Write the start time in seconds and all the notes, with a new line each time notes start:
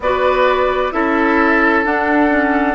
0.00 B3 F#4 B4 D5
0.92 C#4 E4 A4 E5
1.84 D4 F#5
2.30 C#4